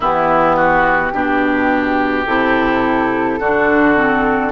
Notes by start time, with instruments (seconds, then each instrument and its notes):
0.00 bassoon E3, clarinet B3, oboe E4, flute G4
0.55 oboe F#4
1.12 bassoon B2, clarinet D4, oboe G4
2.25 bassoon C3, clarinet E4, flute A4
3.39 bassoon D3, clarinet D4, oboe F#4
3.95 clarinet C4